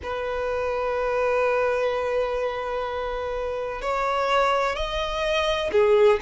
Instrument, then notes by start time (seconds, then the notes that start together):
violin
0.03 B4
3.81 C#5
4.75 D#5
5.71 G#4